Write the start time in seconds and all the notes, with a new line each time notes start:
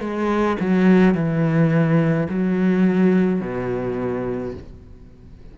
0.00 G#3
0.60 F#3
1.15 E3
2.30 F#3
3.41 B2